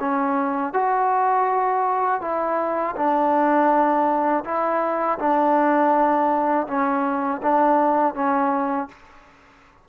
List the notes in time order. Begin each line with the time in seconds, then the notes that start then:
0.00 C#4
0.73 F#4
2.21 E4
2.96 D4
4.44 E4
5.19 D4
6.67 C#4
7.42 D4
8.14 C#4